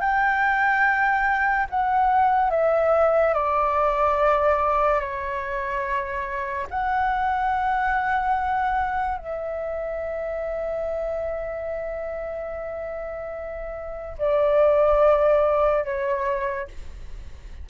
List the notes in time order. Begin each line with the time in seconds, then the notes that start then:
0.00 G5
1.70 F#5
2.50 E5
3.34 D5
5.00 C#5
6.70 F#5
9.18 E5
14.18 D5
15.84 C#5